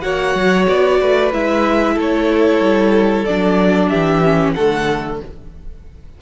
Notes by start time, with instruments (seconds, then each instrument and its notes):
0.00 cello A#3, viola F#4, violin C#5 F#5
0.34 cello F#3
0.67 cello B3, violin D5
1.00 cello A3, violin B4
1.32 cello G#3, viola E4, violin E5
1.94 cello A3, violin A4
2.00 violin C#5
2.59 cello G3
3.25 cello F#3, viola D4, violin D5
3.88 cello E3, violin G4 E5
4.24 viola C#4
4.52 cello D3, viola A3, violin A4 F#5